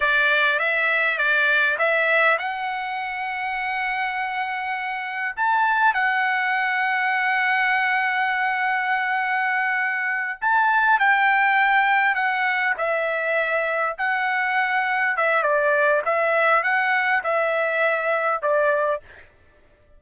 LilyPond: \new Staff \with { instrumentName = "trumpet" } { \time 4/4 \tempo 4 = 101 d''4 e''4 d''4 e''4 | fis''1~ | fis''4 a''4 fis''2~ | fis''1~ |
fis''4. a''4 g''4.~ | g''8 fis''4 e''2 fis''8~ | fis''4. e''8 d''4 e''4 | fis''4 e''2 d''4 | }